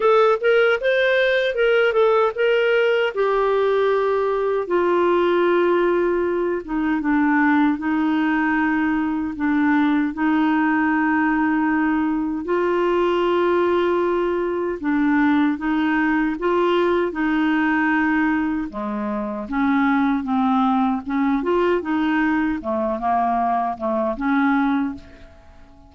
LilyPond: \new Staff \with { instrumentName = "clarinet" } { \time 4/4 \tempo 4 = 77 a'8 ais'8 c''4 ais'8 a'8 ais'4 | g'2 f'2~ | f'8 dis'8 d'4 dis'2 | d'4 dis'2. |
f'2. d'4 | dis'4 f'4 dis'2 | gis4 cis'4 c'4 cis'8 f'8 | dis'4 a8 ais4 a8 cis'4 | }